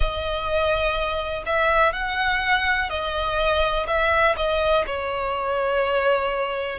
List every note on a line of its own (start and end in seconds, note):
0.00 1.43 D#5
1.46 1.93 E5
1.93 2.89 F#5
2.89 3.86 D#5
3.87 4.35 E5
4.36 4.84 D#5
4.86 6.78 C#5